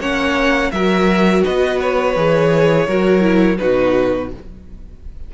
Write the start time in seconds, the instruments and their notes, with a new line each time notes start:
0.00 cello A#3, viola C#4, violin C#5 F#5
0.71 cello F#3, viola F#4, violin A#4 E5
1.44 cello B3, violin B4 D#5
1.80 violin C#5
2.16 cello E3, viola G#4
2.86 cello F#3, viola F#4, violin A#4
3.21 viola E4
3.58 cello B2, viola D#4, violin F#4 B4